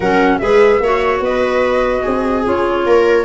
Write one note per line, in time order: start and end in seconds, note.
0.00 0.40 F#3
0.00 0.41 C#4
0.00 0.40 A#4
0.00 0.38 F#5
0.38 0.80 G#3
0.38 0.81 G#4
0.38 0.82 B4
0.38 1.19 E5
0.80 1.20 A#3
0.80 2.44 F#4
0.80 1.24 C#5
1.20 2.01 B3
1.20 2.02 B4
1.20 2.45 D#5
2.02 2.46 C4
2.02 2.83 G#4
2.44 2.86 C#4
2.44 3.25 F4
2.44 3.25 C#5
2.86 3.25 A#3
2.86 3.25 A#4